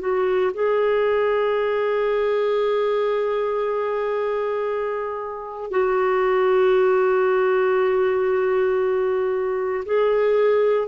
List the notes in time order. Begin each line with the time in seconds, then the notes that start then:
0.00 F#4
0.54 G#4
5.71 F#4
9.86 G#4